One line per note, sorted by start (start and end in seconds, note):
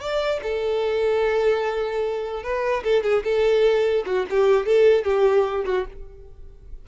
0.00 0.40 D5
0.43 2.43 A4
2.43 2.83 B4
2.84 3.03 A4
3.03 3.23 G#4
3.24 4.04 A4
4.06 4.26 F#4
4.30 4.66 G4
4.66 5.04 A4
5.04 5.65 G4
5.65 5.86 F#4